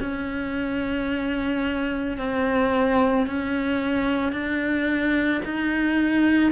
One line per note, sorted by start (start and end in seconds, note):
0.00 2.18 C#4
2.18 3.27 C4
3.27 4.32 C#4
4.32 5.41 D4
5.45 6.52 D#4